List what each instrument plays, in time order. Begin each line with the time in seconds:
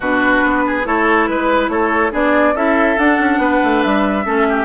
0.00 bassoon B2, clarinet D4, oboe F#4, flute B4
0.44 bassoon B3
0.66 oboe G#4
0.84 bassoon A3, clarinet E4, oboe A4, flute C#5
1.25 bassoon G#3, flute B4, oboe B4
1.68 bassoon A3, oboe A4, flute C#5
2.11 bassoon B3, clarinet D4, oboe G#4, flute D5
2.53 bassoon C#4, clarinet E4, oboe A4, flute E5
2.98 bassoon D4, clarinet D4, flute F#5
3.19 bassoon C#4
3.37 bassoon B3, oboe B4
3.63 bassoon A3
3.82 bassoon G3, flute E5
4.25 bassoon A3, clarinet C#4, oboe A4
4.49 oboe G4